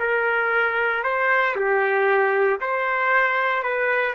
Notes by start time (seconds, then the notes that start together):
0.00 A#4
1.04 C5
1.56 G4
2.61 C5
3.64 B4